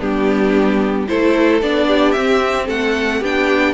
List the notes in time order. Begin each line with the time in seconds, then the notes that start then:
0.00 G3 B3 D4 G4
1.08 A3 E4 A4 C5
1.62 B3 D4 D5
1.87 G4
2.12 C4 E5
2.67 A3 A4 F#5
3.20 B3 D4 G4 G5